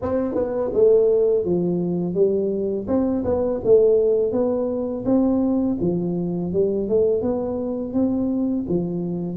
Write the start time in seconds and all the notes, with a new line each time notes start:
0.02 C4
0.34 B3
0.73 A3
1.44 F3
2.14 G3
2.87 C4
3.24 B3
3.64 A3
4.32 B3
5.05 C4
5.80 F3
6.53 G3
6.88 A3
7.22 B3
7.93 C4
8.68 F3